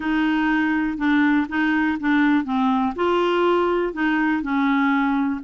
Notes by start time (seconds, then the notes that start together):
0.00 D#4
0.97 D4
1.48 D#4
2.00 D4
2.44 C4
2.95 F4
3.93 D#4
4.42 C#4